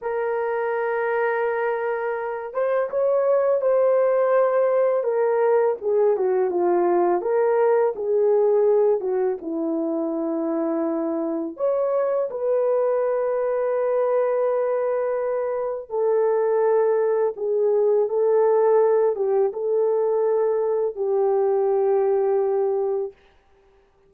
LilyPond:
\new Staff \with { instrumentName = "horn" } { \time 4/4 \tempo 4 = 83 ais'2.~ ais'8 c''8 | cis''4 c''2 ais'4 | gis'8 fis'8 f'4 ais'4 gis'4~ | gis'8 fis'8 e'2. |
cis''4 b'2.~ | b'2 a'2 | gis'4 a'4. g'8 a'4~ | a'4 g'2. | }